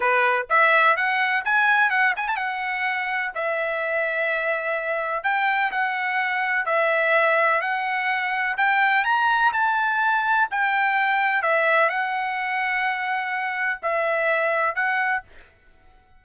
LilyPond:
\new Staff \with { instrumentName = "trumpet" } { \time 4/4 \tempo 4 = 126 b'4 e''4 fis''4 gis''4 | fis''8 gis''16 a''16 fis''2 e''4~ | e''2. g''4 | fis''2 e''2 |
fis''2 g''4 ais''4 | a''2 g''2 | e''4 fis''2.~ | fis''4 e''2 fis''4 | }